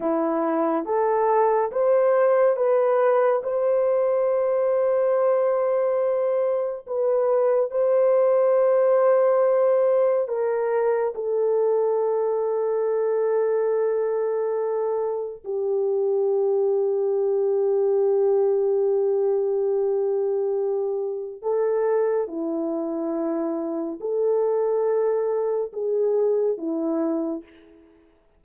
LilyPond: \new Staff \with { instrumentName = "horn" } { \time 4/4 \tempo 4 = 70 e'4 a'4 c''4 b'4 | c''1 | b'4 c''2. | ais'4 a'2.~ |
a'2 g'2~ | g'1~ | g'4 a'4 e'2 | a'2 gis'4 e'4 | }